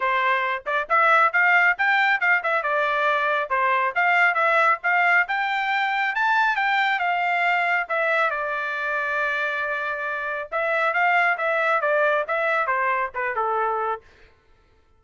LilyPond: \new Staff \with { instrumentName = "trumpet" } { \time 4/4 \tempo 4 = 137 c''4. d''8 e''4 f''4 | g''4 f''8 e''8 d''2 | c''4 f''4 e''4 f''4 | g''2 a''4 g''4 |
f''2 e''4 d''4~ | d''1 | e''4 f''4 e''4 d''4 | e''4 c''4 b'8 a'4. | }